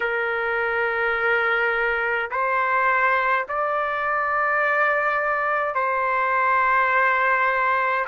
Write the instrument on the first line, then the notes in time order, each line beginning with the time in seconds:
trumpet
0.00 A#4
2.31 C5
3.48 D5
5.74 C5